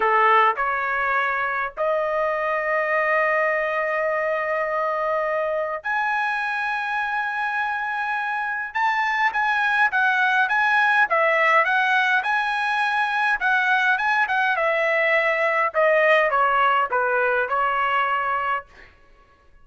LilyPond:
\new Staff \with { instrumentName = "trumpet" } { \time 4/4 \tempo 4 = 103 a'4 cis''2 dis''4~ | dis''1~ | dis''2 gis''2~ | gis''2. a''4 |
gis''4 fis''4 gis''4 e''4 | fis''4 gis''2 fis''4 | gis''8 fis''8 e''2 dis''4 | cis''4 b'4 cis''2 | }